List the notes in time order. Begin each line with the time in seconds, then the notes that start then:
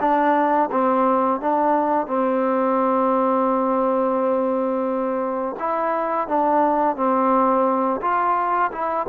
0.00 D4
0.72 C4
1.40 D4
2.07 C4
5.60 E4
6.28 D4
6.96 C4
8.01 F4
8.72 E4